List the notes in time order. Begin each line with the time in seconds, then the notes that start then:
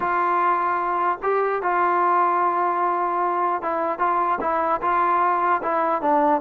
0.00 F4
1.22 G4
1.62 F4
3.62 E4
3.99 F4
4.41 E4
4.81 F4
5.62 E4
6.01 D4